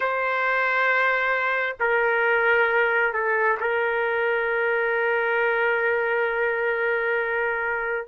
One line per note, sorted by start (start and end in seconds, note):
0.00 1.76 C5
1.80 3.13 A#4
3.13 3.58 A4
3.60 8.07 A#4